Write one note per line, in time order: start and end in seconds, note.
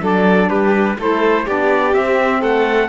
0.00 0.50 F#3
0.00 0.96 D4
0.00 0.50 A4
0.00 0.50 D5
0.50 0.98 G3
0.50 0.98 G4
0.50 0.98 B4
0.98 1.47 A3
0.98 1.46 E4
0.98 1.45 A4
0.98 1.48 C5
1.45 1.96 B3
1.45 1.93 D4
1.45 2.41 G4
1.45 1.94 D5
1.93 2.89 C4
1.93 2.43 C4
1.93 2.42 E5
2.41 2.89 A3
2.41 2.89 A4
2.41 2.89 F#5